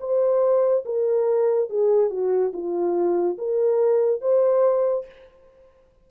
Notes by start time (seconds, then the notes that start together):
0.00 C5
0.85 A#4
1.70 G#4
2.10 F#4
2.53 F4
3.38 A#4
4.21 C5